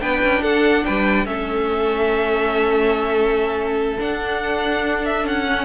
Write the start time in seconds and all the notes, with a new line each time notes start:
0.00 B3 D4 B4 G5
0.24 C#4
0.41 D4 A4 F#5
0.85 G3 B4 G5
1.25 A3 C#4 A4 E5
3.99 D4 F#5
5.06 E5
5.24 C#4 F#5
5.48 C#4